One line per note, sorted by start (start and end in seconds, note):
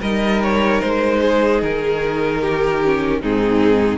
0.00 0.81 G3
0.00 2.84 D#4
0.00 1.20 A#4
0.00 0.42 D#5
0.42 0.81 C#5
0.81 1.62 G#3
0.81 1.61 C5
1.22 2.41 G#4
1.62 3.22 D#3
1.62 3.22 A#4
2.41 3.21 G4
2.84 3.22 C#4
3.21 3.98 G#2
3.21 3.98 C4
3.21 3.98 D#4
3.21 3.98 G#4